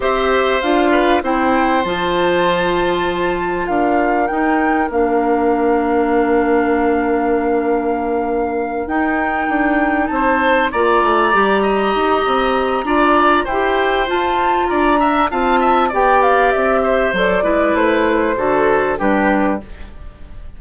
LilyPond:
<<
  \new Staff \with { instrumentName = "flute" } { \time 4/4 \tempo 4 = 98 e''4 f''4 g''4 a''4~ | a''2 f''4 g''4 | f''1~ | f''2~ f''8 g''4.~ |
g''8 a''4 ais''2~ ais''8~ | ais''2 g''4 a''4 | ais''4 a''4 g''8 f''8 e''4 | d''4 c''2 b'4 | }
  \new Staff \with { instrumentName = "oboe" } { \time 4/4 c''4. b'8 c''2~ | c''2 ais'2~ | ais'1~ | ais'1~ |
ais'8 c''4 d''4. dis''4~ | dis''4 d''4 c''2 | d''8 e''8 f''8 e''8 d''4. c''8~ | c''8 b'4. a'4 g'4 | }
  \new Staff \with { instrumentName = "clarinet" } { \time 4/4 g'4 f'4 e'4 f'4~ | f'2. dis'4 | d'1~ | d'2~ d'8 dis'4.~ |
dis'4. f'4 g'4.~ | g'4 f'4 g'4 f'4~ | f'8 d'8 f'4 g'2 | a'8 e'4. fis'4 d'4 | }
  \new Staff \with { instrumentName = "bassoon" } { \time 4/4 c'4 d'4 c'4 f4~ | f2 d'4 dis'4 | ais1~ | ais2~ ais8 dis'4 d'8~ |
d'8 c'4 ais8 a8 g4 dis'8 | c'4 d'4 e'4 f'4 | d'4 c'4 b4 c'4 | fis8 gis8 a4 d4 g4 | }
>>